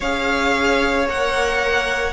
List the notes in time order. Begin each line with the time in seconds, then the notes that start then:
0.00 C#4 G#4 C#5 F5
1.07 A#3 A#4 F#5